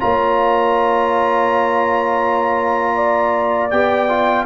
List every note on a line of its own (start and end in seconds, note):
0.00 3.72 A#3
0.00 3.70 F4
0.00 2.95 C#5
0.00 3.71 A#5
2.95 4.43 D5
3.71 4.46 B3
3.71 4.09 G4
3.71 4.45 G5
4.09 4.46 F4